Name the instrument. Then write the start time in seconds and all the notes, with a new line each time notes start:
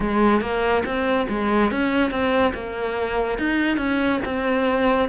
cello
0.00 G#3
0.41 A#3
0.85 C4
1.29 G#3
1.71 C#4
2.10 C4
2.54 A#3
3.38 D#4
3.77 C#4
4.24 C4